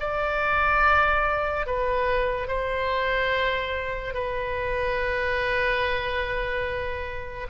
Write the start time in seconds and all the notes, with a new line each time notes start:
0.00 D5
1.66 B4
2.48 C5
4.14 B4